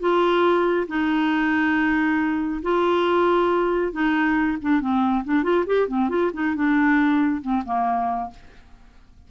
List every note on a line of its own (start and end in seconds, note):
0.00 0.87 F4
0.88 2.62 D#4
2.63 3.93 F4
3.93 4.58 D#4
4.62 4.81 D4
4.81 5.24 C4
5.25 5.43 D4
5.43 5.65 F4
5.67 5.88 G4
5.88 6.09 C4
6.09 6.31 F4
6.33 6.55 D#4
6.55 7.42 D4
7.42 7.63 C4
7.65 8.31 A#3